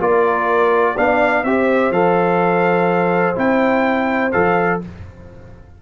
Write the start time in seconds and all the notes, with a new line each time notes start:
0.00 A#3 F4 A#4 D5
0.95 B3 D4 D5 F5
1.44 C4 G4 C5 E5
1.91 F3 A4 F5
3.35 C4 E4 G5
4.32 F3 A4 F5